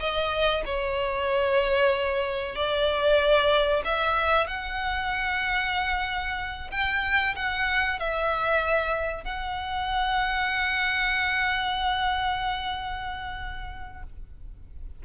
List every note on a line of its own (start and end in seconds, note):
0.00 0.64 D#5
0.66 2.56 C#5
2.56 3.83 D5
3.85 4.47 E5
4.47 6.71 F#5
6.71 7.35 G5
7.36 8.00 F#5
8.00 9.25 E5
9.25 14.03 F#5